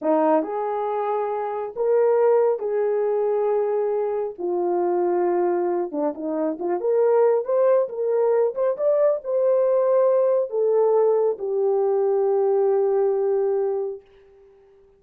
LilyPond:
\new Staff \with { instrumentName = "horn" } { \time 4/4 \tempo 4 = 137 dis'4 gis'2. | ais'2 gis'2~ | gis'2 f'2~ | f'4. d'8 dis'4 f'8 ais'8~ |
ais'4 c''4 ais'4. c''8 | d''4 c''2. | a'2 g'2~ | g'1 | }